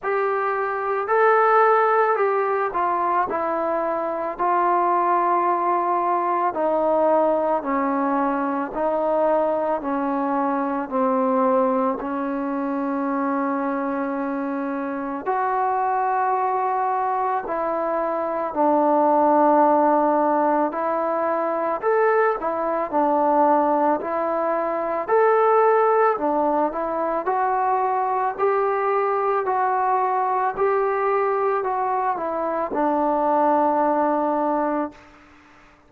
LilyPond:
\new Staff \with { instrumentName = "trombone" } { \time 4/4 \tempo 4 = 55 g'4 a'4 g'8 f'8 e'4 | f'2 dis'4 cis'4 | dis'4 cis'4 c'4 cis'4~ | cis'2 fis'2 |
e'4 d'2 e'4 | a'8 e'8 d'4 e'4 a'4 | d'8 e'8 fis'4 g'4 fis'4 | g'4 fis'8 e'8 d'2 | }